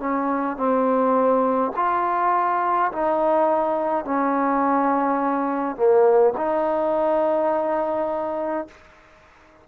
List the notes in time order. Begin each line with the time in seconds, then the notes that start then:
0.00 C#4
0.57 C4
1.76 F4
2.92 D#4
4.05 C#4
5.76 A#3
6.37 D#4